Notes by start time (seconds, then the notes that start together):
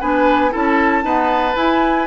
0.00 B3 D4 B4 G#5
0.51 C#4 E4 A4 A5
1.03 B3 D#4 B4
1.56 E4 G#5